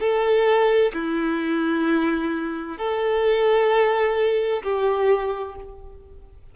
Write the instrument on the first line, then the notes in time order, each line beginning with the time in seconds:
violin
0.00 A4
0.94 E4
2.78 A4
4.63 G4